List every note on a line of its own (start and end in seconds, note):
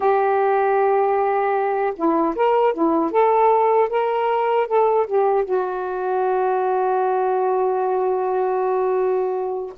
0.00 1.93 G4
1.96 2.35 E4
2.35 2.73 A#4
2.73 3.11 E4
3.11 3.89 A4
3.89 4.67 A#4
4.67 5.06 A4
5.06 5.44 G4
5.44 9.73 F#4